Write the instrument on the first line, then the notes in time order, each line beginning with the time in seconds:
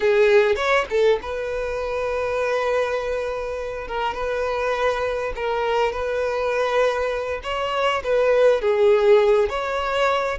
violin
0.00 G#4
0.55 C#5
0.90 A4
1.22 B4
3.87 A#4
4.14 B4
5.35 A#4
5.92 B4
7.43 C#5
8.03 B4
8.61 G#4
9.49 C#5